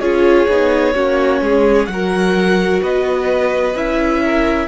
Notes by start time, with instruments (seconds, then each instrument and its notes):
0.00 cello C#4, viola F4, violin G#4 C#5
0.48 cello B3, viola D#4
0.94 cello A#3, viola C#4, violin F#4
1.41 cello G#3, violin G#4
1.86 cello F#3, viola F#4, violin F#5
1.92 violin A#4
2.82 cello B3, violin B4 D#5
3.74 cello C#4, viola E4, violin E5
4.25 violin A#4